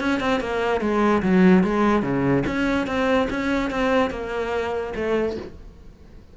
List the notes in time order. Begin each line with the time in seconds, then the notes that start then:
0.00 C#4
0.20 C4
0.40 A#3
0.81 G#3
1.22 F#3
1.63 G#3
2.02 C#3
2.47 C#4
2.87 C4
3.30 C#4
3.70 C4
4.10 A#3
4.96 A3